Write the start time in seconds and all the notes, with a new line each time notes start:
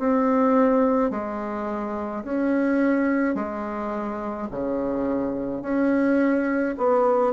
0.00 C4
1.11 G#3
2.24 C#4
3.35 G#3
4.52 C#3
5.62 C#4
6.78 B3